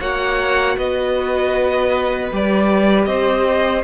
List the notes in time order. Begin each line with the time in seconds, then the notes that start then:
0.00 A#3 F#4 C#5 F#5
0.77 B3 B4 D#5
2.32 G3 G4 D5
3.05 C4 C5 D#5